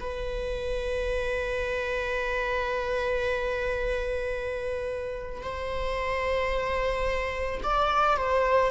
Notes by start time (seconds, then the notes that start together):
0.00 B4
5.42 C5
7.63 D5
8.17 C5